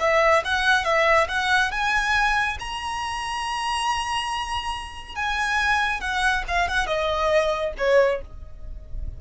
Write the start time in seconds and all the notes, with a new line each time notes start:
0.00 E5
0.45 F#5
0.85 E5
1.29 F#5
1.72 G#5
2.60 A#5
5.16 G#5
6.01 F#5
6.48 F5
6.68 F#5
6.87 D#5
7.78 C#5